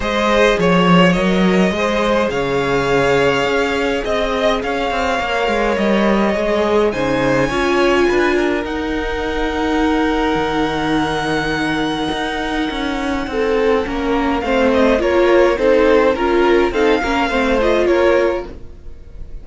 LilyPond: <<
  \new Staff \with { instrumentName = "violin" } { \time 4/4 \tempo 4 = 104 dis''4 cis''4 dis''2 | f''2. dis''4 | f''2 dis''2 | gis''2. fis''4~ |
fis''1~ | fis''1~ | fis''4 f''8 dis''8 cis''4 c''4 | ais'4 f''4. dis''8 cis''4 | }
  \new Staff \with { instrumentName = "violin" } { \time 4/4 c''4 cis''2 c''4 | cis''2. dis''4 | cis''1 | c''4 cis''4 b'8 ais'4.~ |
ais'1~ | ais'2. a'4 | ais'4 c''4 ais'4 a'4 | ais'4 a'8 ais'8 c''4 ais'4 | }
  \new Staff \with { instrumentName = "viola" } { \time 4/4 gis'2 ais'4 gis'4~ | gis'1~ | gis'4 ais'2 gis'4 | dis'4 f'2 dis'4~ |
dis'1~ | dis'1 | cis'4 c'4 f'4 dis'4 | f'4 dis'8 cis'8 c'8 f'4. | }
  \new Staff \with { instrumentName = "cello" } { \time 4/4 gis4 f4 fis4 gis4 | cis2 cis'4 c'4 | cis'8 c'8 ais8 gis8 g4 gis4 | cis4 cis'4 d'4 dis'4~ |
dis'2 dis2~ | dis4 dis'4 cis'4 c'4 | ais4 a4 ais4 c'4 | cis'4 c'8 ais8 a4 ais4 | }
>>